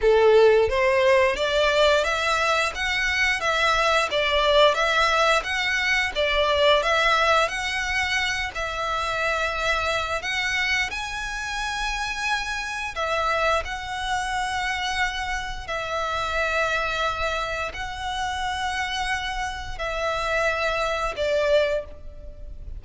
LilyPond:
\new Staff \with { instrumentName = "violin" } { \time 4/4 \tempo 4 = 88 a'4 c''4 d''4 e''4 | fis''4 e''4 d''4 e''4 | fis''4 d''4 e''4 fis''4~ | fis''8 e''2~ e''8 fis''4 |
gis''2. e''4 | fis''2. e''4~ | e''2 fis''2~ | fis''4 e''2 d''4 | }